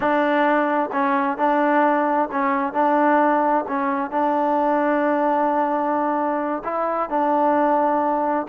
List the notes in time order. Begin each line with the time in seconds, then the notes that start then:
0.00 D4
0.92 C#4
1.37 D4
2.31 C#4
2.73 D4
3.67 C#4
4.10 D4
6.64 E4
7.09 D4